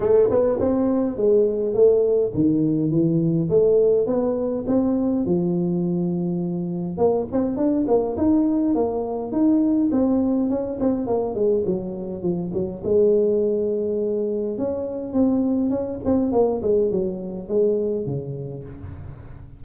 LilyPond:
\new Staff \with { instrumentName = "tuba" } { \time 4/4 \tempo 4 = 103 a8 b8 c'4 gis4 a4 | dis4 e4 a4 b4 | c'4 f2. | ais8 c'8 d'8 ais8 dis'4 ais4 |
dis'4 c'4 cis'8 c'8 ais8 gis8 | fis4 f8 fis8 gis2~ | gis4 cis'4 c'4 cis'8 c'8 | ais8 gis8 fis4 gis4 cis4 | }